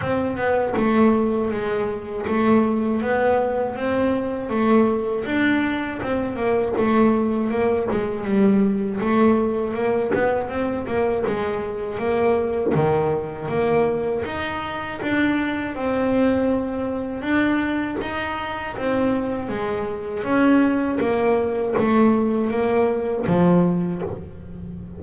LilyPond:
\new Staff \with { instrumentName = "double bass" } { \time 4/4 \tempo 4 = 80 c'8 b8 a4 gis4 a4 | b4 c'4 a4 d'4 | c'8 ais8 a4 ais8 gis8 g4 | a4 ais8 b8 c'8 ais8 gis4 |
ais4 dis4 ais4 dis'4 | d'4 c'2 d'4 | dis'4 c'4 gis4 cis'4 | ais4 a4 ais4 f4 | }